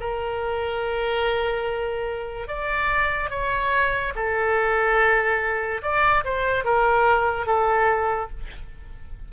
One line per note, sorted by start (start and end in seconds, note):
0.00 2.48 A#4
2.48 3.30 D5
3.30 4.13 C#5
4.15 5.82 A4
5.82 6.24 D5
6.24 6.64 C5
6.64 7.46 A#4
7.46 8.30 A4